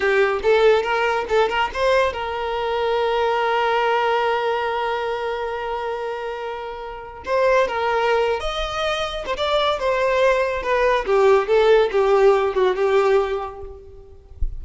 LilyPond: \new Staff \with { instrumentName = "violin" } { \time 4/4 \tempo 4 = 141 g'4 a'4 ais'4 a'8 ais'8 | c''4 ais'2.~ | ais'1~ | ais'1~ |
ais'4 c''4 ais'4.~ ais'16 dis''16~ | dis''4.~ dis''16 c''16 d''4 c''4~ | c''4 b'4 g'4 a'4 | g'4. fis'8 g'2 | }